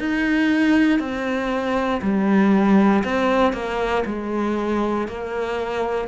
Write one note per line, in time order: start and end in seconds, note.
0.00 1.00 D#4
1.00 2.02 C4
2.02 3.04 G3
3.05 3.53 C4
3.53 4.04 A#3
4.06 5.08 G#3
5.08 6.08 A#3